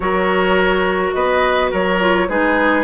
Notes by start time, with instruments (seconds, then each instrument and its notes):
0.00 bassoon F#3, clarinet F#4, oboe A#4, flute C#5
1.13 bassoon B3, oboe B4, flute D#5
1.71 bassoon F#3, oboe A#4, flute C#5
1.99 clarinet F4
2.28 bassoon G#3, clarinet D#4, oboe G#4, flute B4